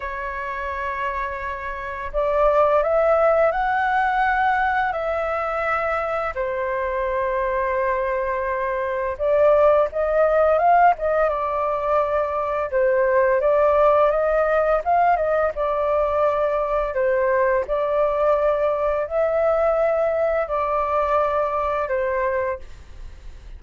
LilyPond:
\new Staff \with { instrumentName = "flute" } { \time 4/4 \tempo 4 = 85 cis''2. d''4 | e''4 fis''2 e''4~ | e''4 c''2.~ | c''4 d''4 dis''4 f''8 dis''8 |
d''2 c''4 d''4 | dis''4 f''8 dis''8 d''2 | c''4 d''2 e''4~ | e''4 d''2 c''4 | }